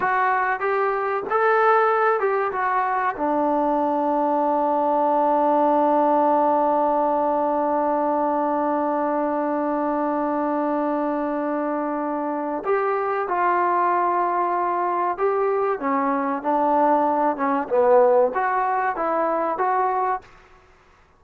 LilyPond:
\new Staff \with { instrumentName = "trombone" } { \time 4/4 \tempo 4 = 95 fis'4 g'4 a'4. g'8 | fis'4 d'2.~ | d'1~ | d'1~ |
d'1 | g'4 f'2. | g'4 cis'4 d'4. cis'8 | b4 fis'4 e'4 fis'4 | }